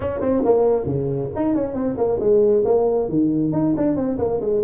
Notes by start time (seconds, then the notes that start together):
0.00 C#4
0.20 C4
0.45 A#3
0.85 C#3
1.35 D#4
1.54 C#4
1.73 C4
1.97 A#3
2.20 G#3
2.64 A#3
3.08 D#3
3.52 D#4
3.77 D4
3.96 C4
4.18 A#3
4.40 G#3